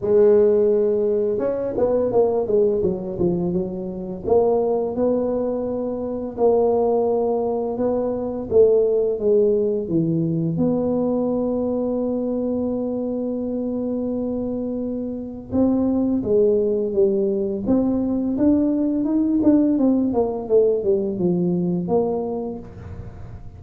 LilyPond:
\new Staff \with { instrumentName = "tuba" } { \time 4/4 \tempo 4 = 85 gis2 cis'8 b8 ais8 gis8 | fis8 f8 fis4 ais4 b4~ | b4 ais2 b4 | a4 gis4 e4 b4~ |
b1~ | b2 c'4 gis4 | g4 c'4 d'4 dis'8 d'8 | c'8 ais8 a8 g8 f4 ais4 | }